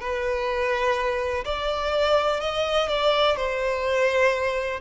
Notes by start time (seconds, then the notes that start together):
0.00 B4
1.44 D5
2.40 D#5
2.88 D5
3.36 C5